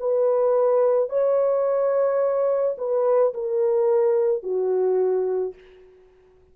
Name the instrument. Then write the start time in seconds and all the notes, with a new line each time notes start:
horn
0.00 B4
1.10 C#5
2.78 B4
3.34 A#4
4.43 F#4